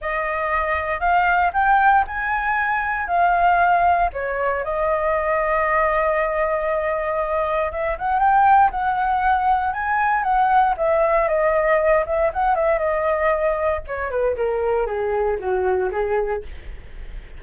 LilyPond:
\new Staff \with { instrumentName = "flute" } { \time 4/4 \tempo 4 = 117 dis''2 f''4 g''4 | gis''2 f''2 | cis''4 dis''2.~ | dis''2. e''8 fis''8 |
g''4 fis''2 gis''4 | fis''4 e''4 dis''4. e''8 | fis''8 e''8 dis''2 cis''8 b'8 | ais'4 gis'4 fis'4 gis'4 | }